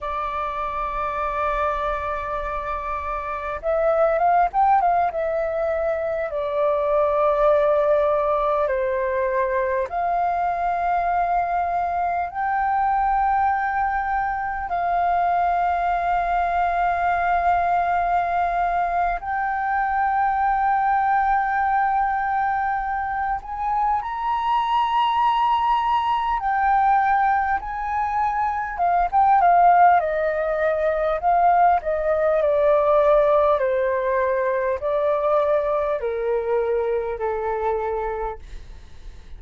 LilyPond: \new Staff \with { instrumentName = "flute" } { \time 4/4 \tempo 4 = 50 d''2. e''8 f''16 g''16 | f''16 e''4 d''2 c''8.~ | c''16 f''2 g''4.~ g''16~ | g''16 f''2.~ f''8. |
g''2.~ g''8 gis''8 | ais''2 g''4 gis''4 | f''16 g''16 f''8 dis''4 f''8 dis''8 d''4 | c''4 d''4 ais'4 a'4 | }